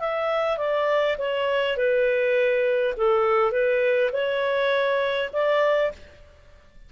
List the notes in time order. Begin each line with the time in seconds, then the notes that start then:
0.00 E5
0.58 D5
1.18 C#5
1.77 B4
2.97 A4
3.52 B4
4.13 C#5
5.33 D5